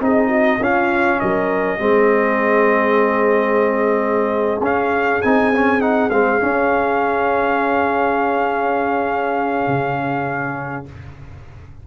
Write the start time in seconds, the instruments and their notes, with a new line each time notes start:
0.00 tuba C4, trombone D#4, horn G#4, trumpet D#5
0.28 horn F#4
0.60 tuba C#4, trombone C#4, horn F4, trumpet F5
1.19 tuba F#3, horn A#4, trumpet D#5
1.79 tuba G#3, trombone C4, horn G#4
4.60 tuba C#4, trombone C#4, trumpet F5
5.21 tuba C4, trombone D#4, trumpet G#5
5.54 trombone C#4
5.80 trombone D#4, trumpet F#5
6.09 tuba G#3, trombone C4, trumpet F5
6.40 trombone C#4, tuba C#4
9.67 tuba C#3